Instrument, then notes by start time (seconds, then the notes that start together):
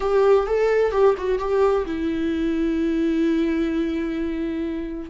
viola
0.00 G4
0.47 A4
0.91 G4
1.17 F#4
1.38 G4
1.85 E4